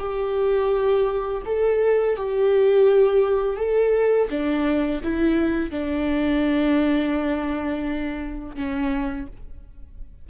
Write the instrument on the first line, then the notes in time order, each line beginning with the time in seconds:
viola
0.00 G4
1.46 A4
2.17 G4
3.57 A4
4.30 D4
5.04 E4
5.71 D4
8.56 C#4